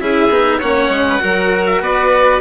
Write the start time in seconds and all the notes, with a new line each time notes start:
0.00 C#4 E4 G#4 E5
0.30 B3 D#4
0.58 A#3 C#4 C#5 F#5
0.89 G#3
1.09 B4
1.19 F#3 F#4 A#4
1.66 E5
1.81 B3 B4 D5